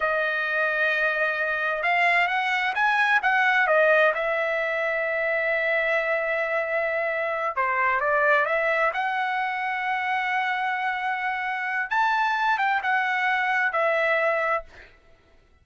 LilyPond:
\new Staff \with { instrumentName = "trumpet" } { \time 4/4 \tempo 4 = 131 dis''1 | f''4 fis''4 gis''4 fis''4 | dis''4 e''2.~ | e''1~ |
e''8 c''4 d''4 e''4 fis''8~ | fis''1~ | fis''2 a''4. g''8 | fis''2 e''2 | }